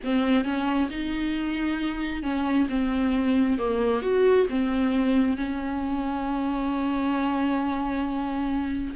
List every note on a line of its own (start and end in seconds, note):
0.04 0.44 C4
0.44 0.89 C#4
0.90 2.23 D#4
2.23 2.67 C#4
2.69 3.58 C4
3.58 4.02 A#3
4.02 4.47 F#4
4.49 5.36 C4
5.36 8.95 C#4